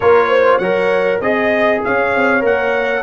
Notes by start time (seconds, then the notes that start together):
0.00 A#3 F4 A#4 C#5
0.28 C5
0.58 F#3 A#4 C#5 F#5
1.20 C4 G#4 D#5
1.84 C#4 C#5 F5
2.15 C4
2.40 A#3 A#4 F#5